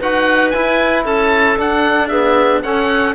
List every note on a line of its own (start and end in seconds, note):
0.00 0.54 D#4
0.00 0.54 F#4
0.00 1.05 B4
0.00 0.50 F#5
0.50 1.57 E4
0.50 1.06 E4
0.50 1.03 G#5
1.05 1.58 C#4
1.05 2.08 A4
1.05 1.59 A5
1.57 2.10 D4
1.57 2.64 D4
1.57 2.08 F#5
2.08 2.63 B3
2.08 2.61 G#4
2.08 2.61 E5
2.63 3.15 C#4
2.63 3.15 A4
2.63 3.15 F#5